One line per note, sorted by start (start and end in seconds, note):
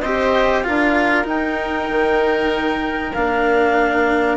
0.00 0.65 C4
0.00 0.64 G4
0.00 0.64 C5
0.00 0.62 D#5
0.63 1.26 D4
0.63 1.24 F4
0.63 4.37 A#4
0.63 1.26 F5
1.24 3.12 D#4
1.24 1.89 D#4
1.24 3.14 G5
1.90 3.15 D#3
3.14 4.37 A#3
3.14 4.37 D4
3.14 4.37 F5